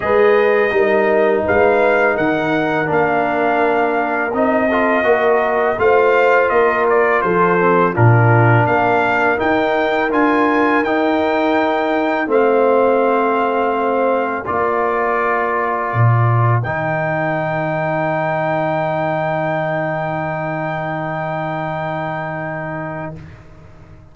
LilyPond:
<<
  \new Staff \with { instrumentName = "trumpet" } { \time 4/4 \tempo 4 = 83 dis''2 f''4 fis''4 | f''2 dis''2 | f''4 dis''8 d''8 c''4 ais'4 | f''4 g''4 gis''4 g''4~ |
g''4 f''2. | d''2. g''4~ | g''1~ | g''1 | }
  \new Staff \with { instrumentName = "horn" } { \time 4/4 b'4 ais'4 b'4 ais'4~ | ais'2~ ais'8 a'8 ais'4 | c''4 ais'4 a'4 f'4 | ais'1~ |
ais'4 c''2. | ais'1~ | ais'1~ | ais'1 | }
  \new Staff \with { instrumentName = "trombone" } { \time 4/4 gis'4 dis'2. | d'2 dis'8 f'8 fis'4 | f'2~ f'8 c'8 d'4~ | d'4 dis'4 f'4 dis'4~ |
dis'4 c'2. | f'2. dis'4~ | dis'1~ | dis'1 | }
  \new Staff \with { instrumentName = "tuba" } { \time 4/4 gis4 g4 gis4 dis4 | ais2 c'4 ais4 | a4 ais4 f4 ais,4 | ais4 dis'4 d'4 dis'4~ |
dis'4 a2. | ais2 ais,4 dis4~ | dis1~ | dis1 | }
>>